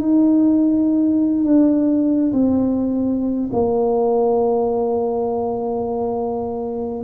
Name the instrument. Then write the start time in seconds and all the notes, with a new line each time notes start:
tuba
0.00 D#4
1.44 D4
2.33 C4
3.53 A#3